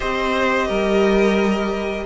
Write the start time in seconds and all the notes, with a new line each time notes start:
0.00 C4 G4 C5 D#5
0.67 G3 A#4